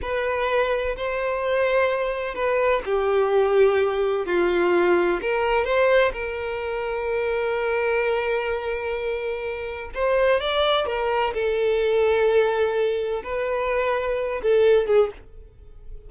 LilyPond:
\new Staff \with { instrumentName = "violin" } { \time 4/4 \tempo 4 = 127 b'2 c''2~ | c''4 b'4 g'2~ | g'4 f'2 ais'4 | c''4 ais'2.~ |
ais'1~ | ais'4 c''4 d''4 ais'4 | a'1 | b'2~ b'8 a'4 gis'8 | }